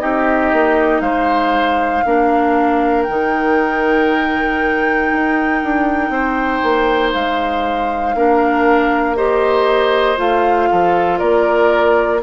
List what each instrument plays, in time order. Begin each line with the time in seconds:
0.00 bassoon C4, clarinet D#4, oboe G4, flute D#5
0.53 bassoon A#3
1.01 bassoon G#3, oboe C5, flute F5
2.06 bassoon A#3, clarinet D4, oboe A#4
3.03 clarinet D#4, flute G5
3.10 bassoon D#3
5.12 bassoon D#4
5.63 bassoon D4
6.10 bassoon C4, oboe C5
6.63 bassoon A#3
7.13 bassoon G#3, flute F5
8.15 bassoon A#3, clarinet D4, oboe A#4
9.16 clarinet G4, oboe C5, flute D#5
10.17 bassoon A3, clarinet F4, flute F5
10.71 bassoon F3, oboe A4
11.19 bassoon A#3, oboe A#4, flute D5